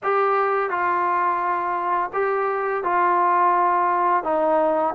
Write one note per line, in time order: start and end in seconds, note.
0.03 0.69 G4
0.69 2.10 F4
2.13 2.83 G4
2.83 4.23 F4
4.23 4.94 D#4